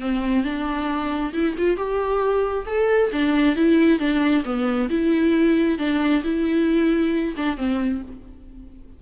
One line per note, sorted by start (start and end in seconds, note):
0.00 0.44 C4
0.44 1.33 D4
1.33 1.55 E4
1.58 1.76 F4
1.76 2.65 G4
2.66 3.11 A4
3.11 3.56 D4
3.56 3.99 E4
3.99 4.43 D4
4.44 4.89 B3
4.89 5.78 E4
5.78 6.22 D4
6.23 7.35 E4
7.36 7.57 D4
7.57 8.01 C4